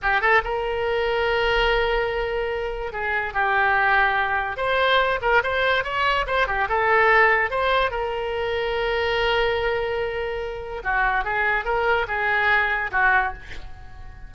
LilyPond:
\new Staff \with { instrumentName = "oboe" } { \time 4/4 \tempo 4 = 144 g'8 a'8 ais'2.~ | ais'2. gis'4 | g'2. c''4~ | c''8 ais'8 c''4 cis''4 c''8 g'8 |
a'2 c''4 ais'4~ | ais'1~ | ais'2 fis'4 gis'4 | ais'4 gis'2 fis'4 | }